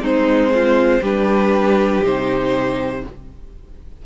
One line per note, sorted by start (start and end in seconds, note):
0.00 1.00 G#3
0.00 1.01 C4
0.00 0.52 D#4
0.00 1.04 C5
0.55 1.02 F4
1.02 2.02 G3
1.02 2.03 D4
1.02 3.02 G4
1.02 2.04 B4
2.03 3.04 C3
2.03 3.03 D#4
2.03 3.06 C5